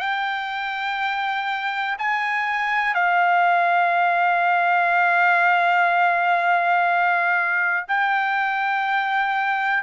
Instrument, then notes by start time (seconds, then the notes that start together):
trumpet
0.00 G5
1.99 G#5
2.95 F5
7.88 G5